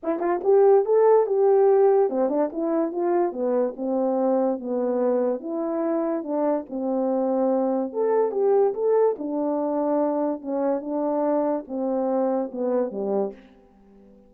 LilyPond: \new Staff \with { instrumentName = "horn" } { \time 4/4 \tempo 4 = 144 e'8 f'8 g'4 a'4 g'4~ | g'4 c'8 d'8 e'4 f'4 | b4 c'2 b4~ | b4 e'2 d'4 |
c'2. a'4 | g'4 a'4 d'2~ | d'4 cis'4 d'2 | c'2 b4 g4 | }